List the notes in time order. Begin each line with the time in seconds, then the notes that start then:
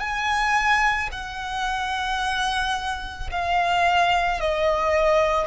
0.00 G#5
1.12 F#5
3.31 F5
4.40 D#5